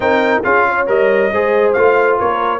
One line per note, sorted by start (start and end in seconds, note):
0.00 0.41 C4
0.00 0.43 D#4
0.00 0.45 A#4
0.00 0.43 G5
0.43 0.88 C#4
0.43 0.86 F4
0.43 0.66 G#4
0.43 0.87 F5
0.69 1.32 C#5
0.86 1.31 G3
0.86 1.30 A#4
0.86 1.72 D#5
1.31 1.75 G#3
1.31 1.76 G#4
1.31 2.18 C5
1.72 2.19 A3
1.72 2.59 F4
1.72 2.16 F5
2.18 2.59 A#3
2.18 2.59 A#4
2.18 2.59 C#5